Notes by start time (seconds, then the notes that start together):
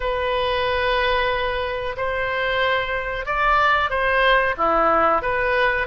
0.00 B4
1.96 C5
3.25 D5
3.90 C5
4.57 E4
5.21 B4